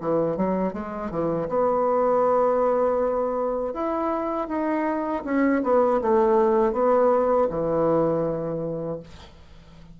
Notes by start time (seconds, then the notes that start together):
0.00 E3
0.36 F#3
0.73 G#3
1.10 E3
1.49 B3
3.73 E4
4.48 D#4
5.25 C#4
5.64 B3
6.01 A3
6.73 B3
7.50 E3